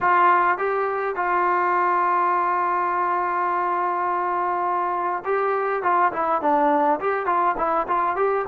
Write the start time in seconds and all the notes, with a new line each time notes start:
0.00 F4
0.57 G4
1.15 F4
5.24 G4
5.83 F4
6.12 E4
6.41 D4
7.00 G4
7.26 F4
7.57 E4
7.87 F4
8.16 G4